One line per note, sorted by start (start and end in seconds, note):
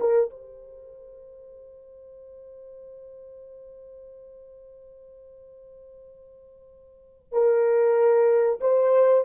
0.00 0.30 A#4
0.30 7.32 C5
7.32 8.60 A#4
8.61 9.24 C5